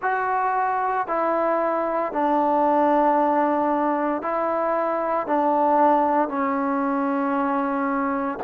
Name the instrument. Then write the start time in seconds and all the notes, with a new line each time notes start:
trombone
0.02 F#4
1.07 E4
2.12 D4
4.22 E4
5.26 D4
6.28 C#4